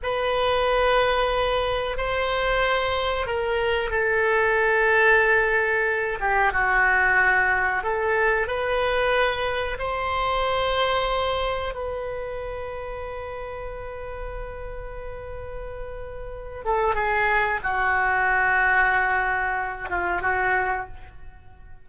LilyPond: \new Staff \with { instrumentName = "oboe" } { \time 4/4 \tempo 4 = 92 b'2. c''4~ | c''4 ais'4 a'2~ | a'4. g'8 fis'2 | a'4 b'2 c''4~ |
c''2 b'2~ | b'1~ | b'4. a'8 gis'4 fis'4~ | fis'2~ fis'8 f'8 fis'4 | }